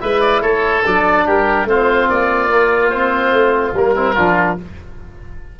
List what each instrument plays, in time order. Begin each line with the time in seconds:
0.00 tuba G#3, trombone E4, oboe B4 E5
0.21 oboe D5
0.42 tuba A3, oboe A4 C#5
0.85 tuba F#3, trombone D4, oboe D5
1.26 tuba G3, oboe G4 A#4
1.65 tuba A3, trombone C4, oboe F4 C5
2.09 tuba A#3, oboe D5
2.50 trombone A#3
2.89 trombone C4, oboe C5
3.32 tuba A3
3.74 tuba G3, trombone A#3, oboe A#4
3.95 trombone C4, oboe E4
4.14 tuba F3, trombone D4, oboe F4